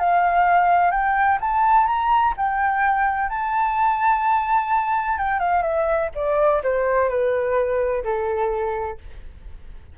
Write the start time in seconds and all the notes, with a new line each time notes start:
0.00 F5
0.91 G5
1.41 A5
1.87 A#5
2.38 G5
3.30 A5
5.18 G5
5.40 F5
5.63 E5
6.15 D5
6.64 C5
7.10 B4
8.04 A4